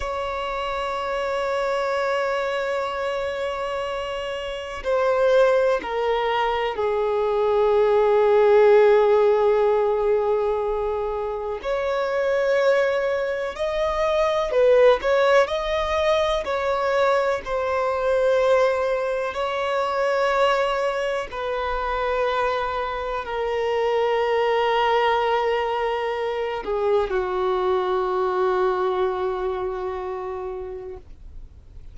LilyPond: \new Staff \with { instrumentName = "violin" } { \time 4/4 \tempo 4 = 62 cis''1~ | cis''4 c''4 ais'4 gis'4~ | gis'1 | cis''2 dis''4 b'8 cis''8 |
dis''4 cis''4 c''2 | cis''2 b'2 | ais'2.~ ais'8 gis'8 | fis'1 | }